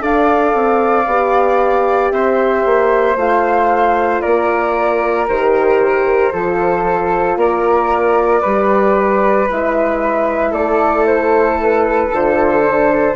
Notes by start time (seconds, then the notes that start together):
0.00 D4 A4 D5 F5
0.55 C4
1.07 B3 G4
2.12 C4 C5 E5
2.66 A#3
3.16 A3 F4 F5
4.22 A#3 A#4 D5
5.29 D#3 G4 C5
6.33 F3 F4 A4
7.37 A#3 A#4 D5
8.42 G3 G4 B4
9.50 G#3 E4 E5
10.52 A3 A4 D5
11.07 C5
11.63 B4
12.13 D3 F4 C5
12.63 D4